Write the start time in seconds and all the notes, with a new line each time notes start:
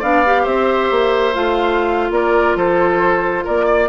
0.00 B3 D4 D5 F5
0.26 G4
0.43 C4 C5 E5
0.91 A#3
1.34 A3 F4 F5
2.11 A#3 A#4 D5
2.56 F3 A4 C5
3.45 A#3 A#4 D5
3.66 D5